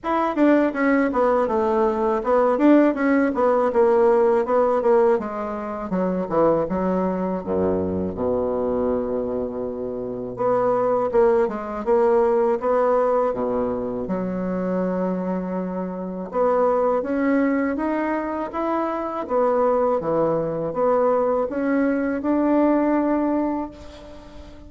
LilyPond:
\new Staff \with { instrumentName = "bassoon" } { \time 4/4 \tempo 4 = 81 e'8 d'8 cis'8 b8 a4 b8 d'8 | cis'8 b8 ais4 b8 ais8 gis4 | fis8 e8 fis4 fis,4 b,4~ | b,2 b4 ais8 gis8 |
ais4 b4 b,4 fis4~ | fis2 b4 cis'4 | dis'4 e'4 b4 e4 | b4 cis'4 d'2 | }